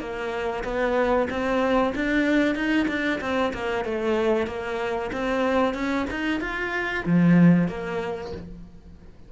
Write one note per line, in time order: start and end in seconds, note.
0.00 0.64 A#3
0.64 1.28 B3
1.30 1.94 C4
1.96 2.55 D4
2.55 2.87 D#4
2.88 3.20 D4
3.21 3.53 C4
3.54 3.85 A#3
3.85 4.47 A3
4.47 5.11 A#3
5.13 5.74 C4
5.74 6.06 C#4
6.10 6.41 D#4
6.41 7.04 F4
7.06 7.68 F3
7.68 8.32 A#3